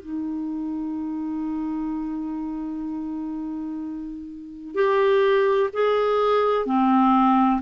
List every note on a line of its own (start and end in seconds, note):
0.00 4.75 D#4
4.75 5.70 G4
5.73 6.66 G#4
6.66 7.61 C4